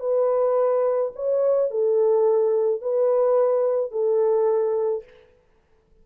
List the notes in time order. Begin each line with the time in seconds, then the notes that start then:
0.00 B4
1.15 C#5
1.71 A4
2.82 B4
3.92 A4